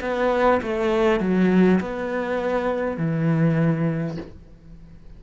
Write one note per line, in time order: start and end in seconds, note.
0.00 0.60 B3
0.62 1.19 A3
1.19 1.79 F#3
1.80 2.97 B3
2.97 4.17 E3